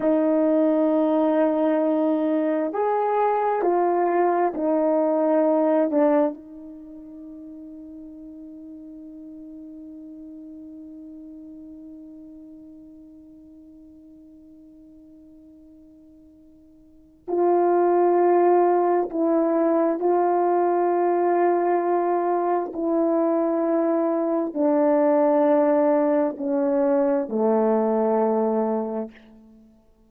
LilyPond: \new Staff \with { instrumentName = "horn" } { \time 4/4 \tempo 4 = 66 dis'2. gis'4 | f'4 dis'4. d'8 dis'4~ | dis'1~ | dis'1~ |
dis'2. f'4~ | f'4 e'4 f'2~ | f'4 e'2 d'4~ | d'4 cis'4 a2 | }